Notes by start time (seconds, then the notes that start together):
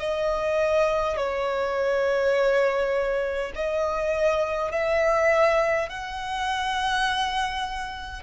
0.00 D#5
1.18 C#5
3.56 D#5
4.72 E5
5.90 F#5